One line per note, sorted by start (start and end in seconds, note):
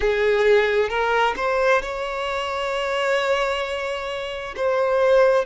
0.00 0.88 G#4
0.88 1.34 A#4
1.36 1.81 C5
1.82 4.55 C#5
4.56 5.45 C5